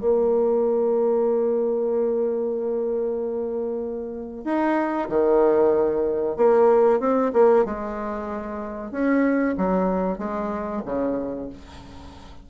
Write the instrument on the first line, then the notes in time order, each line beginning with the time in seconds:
bassoon
0.00 A#3
4.44 D#4
5.09 D#3
6.36 A#3
7.00 C4
7.33 A#3
7.65 G#3
8.91 C#4
9.57 F#3
10.18 G#3
10.85 C#3